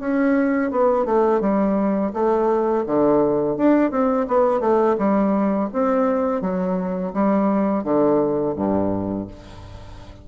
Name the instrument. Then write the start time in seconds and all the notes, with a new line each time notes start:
bassoon
0.00 C#4
0.71 B3
1.06 A3
1.41 G3
2.13 A3
2.86 D3
3.57 D4
3.91 C4
4.28 B3
4.60 A3
4.98 G3
5.73 C4
6.42 F#3
7.14 G3
7.84 D3
8.56 G2